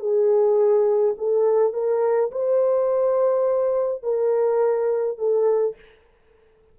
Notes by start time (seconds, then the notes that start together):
0.00 G#4
1.18 A4
1.73 A#4
2.31 C5
4.03 A#4
5.18 A4